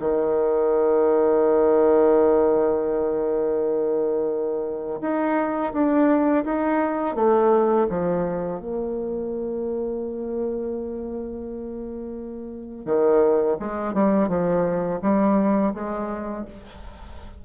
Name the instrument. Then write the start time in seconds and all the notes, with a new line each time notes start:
bassoon
0.00 D#3
5.01 D#4
5.73 D4
6.45 D#4
7.16 A3
7.89 F3
8.60 A#3
12.86 D#3
13.59 G#3
13.94 G3
14.28 F3
15.02 G3
15.74 G#3